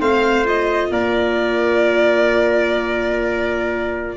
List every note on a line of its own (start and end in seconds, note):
0.00 0.90 A3
0.00 0.45 C4
0.00 0.90 C5
0.00 0.46 F5
0.45 4.17 F4
0.45 0.92 D#5
0.90 4.17 A#3
0.90 4.17 A#4
0.90 4.17 D5